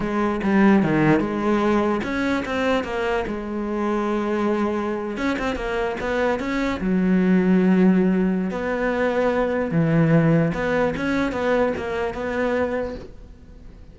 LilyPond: \new Staff \with { instrumentName = "cello" } { \time 4/4 \tempo 4 = 148 gis4 g4 dis4 gis4~ | gis4 cis'4 c'4 ais4 | gis1~ | gis8. cis'8 c'8 ais4 b4 cis'16~ |
cis'8. fis2.~ fis16~ | fis4 b2. | e2 b4 cis'4 | b4 ais4 b2 | }